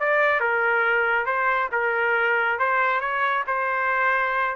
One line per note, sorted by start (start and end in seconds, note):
0.00 0.41 D5
0.41 1.26 A#4
1.26 1.70 C5
1.72 2.59 A#4
2.59 3.01 C5
3.01 3.44 C#5
3.47 4.56 C5